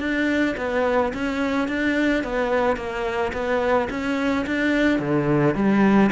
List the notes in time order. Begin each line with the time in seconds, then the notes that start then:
0.00 D4
0.58 B3
1.14 C#4
1.68 D4
2.24 B3
2.77 A#3
3.33 B3
3.90 C#4
4.47 D4
4.99 D3
5.55 G3